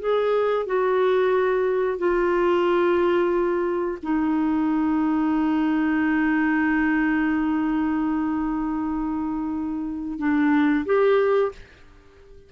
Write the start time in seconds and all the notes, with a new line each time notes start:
0.00 G#4
0.66 F#4
1.98 F4
4.03 D#4
10.19 D4
10.85 G4